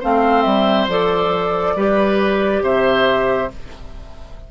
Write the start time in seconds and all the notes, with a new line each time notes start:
0.00 A3 C4 C5 F5
0.43 G3 E5
0.88 F3 A4 D5
1.76 G3 G4 B4
2.62 C3 C5 E5